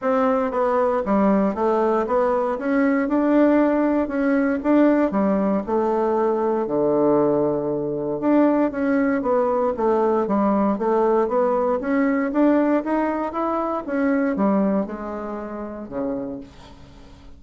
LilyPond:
\new Staff \with { instrumentName = "bassoon" } { \time 4/4 \tempo 4 = 117 c'4 b4 g4 a4 | b4 cis'4 d'2 | cis'4 d'4 g4 a4~ | a4 d2. |
d'4 cis'4 b4 a4 | g4 a4 b4 cis'4 | d'4 dis'4 e'4 cis'4 | g4 gis2 cis4 | }